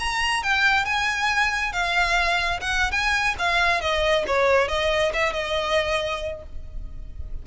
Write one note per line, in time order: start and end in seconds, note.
0.00 0.44 A#5
0.44 0.85 G5
0.85 1.73 G#5
1.73 2.61 F5
2.61 2.92 F#5
2.92 3.36 G#5
3.39 3.82 F5
3.82 4.25 D#5
4.28 4.69 C#5
4.69 5.13 D#5
5.14 5.34 E5
5.34 6.43 D#5